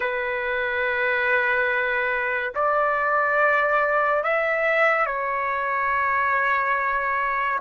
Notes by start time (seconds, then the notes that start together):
0.00 B4
2.54 D5
4.23 E5
5.06 C#5